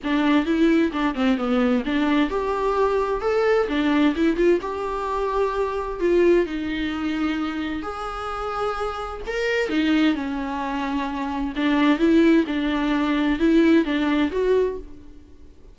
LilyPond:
\new Staff \with { instrumentName = "viola" } { \time 4/4 \tempo 4 = 130 d'4 e'4 d'8 c'8 b4 | d'4 g'2 a'4 | d'4 e'8 f'8 g'2~ | g'4 f'4 dis'2~ |
dis'4 gis'2. | ais'4 dis'4 cis'2~ | cis'4 d'4 e'4 d'4~ | d'4 e'4 d'4 fis'4 | }